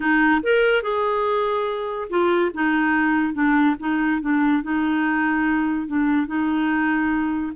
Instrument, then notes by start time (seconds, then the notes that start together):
clarinet
0.00 D#4
0.42 A#4
0.82 G#4
2.09 F4
2.53 D#4
3.33 D4
3.79 D#4
4.21 D4
4.62 D#4
5.87 D4
6.27 D#4